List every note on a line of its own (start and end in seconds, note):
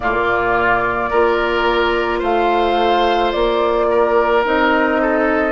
0.00 1.11 A#2
0.00 1.11 A#3
0.00 1.10 F4
0.00 2.20 D5
1.10 2.22 A#3
1.10 4.44 F4
1.10 2.19 A#4
2.19 3.33 A3
2.19 3.86 C5
2.19 3.31 F5
3.31 4.45 A#3
3.31 4.43 D5
3.90 5.01 A#4
4.44 5.52 C4
4.44 5.52 D#4
4.44 5.52 D#5
5.01 5.52 A4